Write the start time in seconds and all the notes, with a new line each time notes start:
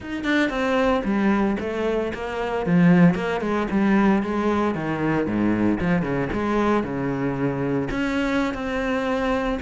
0.00 D#4
0.23 D4
0.49 C4
1.04 G3
1.60 A3
2.13 A#3
2.66 F3
3.15 A#3
3.41 G#3
3.70 G3
4.22 G#3
4.74 D#3
5.26 G#2
5.79 F3
6.02 C#3
6.33 G#3
6.83 C#3
7.91 C#4
8.54 C4